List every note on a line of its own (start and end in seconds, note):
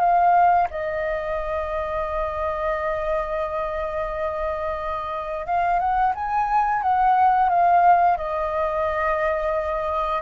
0.00 0.68 F5
0.71 5.46 D#5
5.46 5.80 F5
5.80 6.14 F#5
6.15 6.82 G#5
6.82 7.49 F#5
7.49 8.18 F5
8.18 10.22 D#5